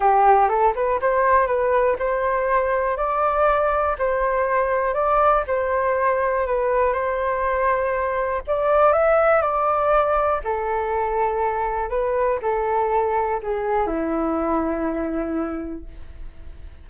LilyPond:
\new Staff \with { instrumentName = "flute" } { \time 4/4 \tempo 4 = 121 g'4 a'8 b'8 c''4 b'4 | c''2 d''2 | c''2 d''4 c''4~ | c''4 b'4 c''2~ |
c''4 d''4 e''4 d''4~ | d''4 a'2. | b'4 a'2 gis'4 | e'1 | }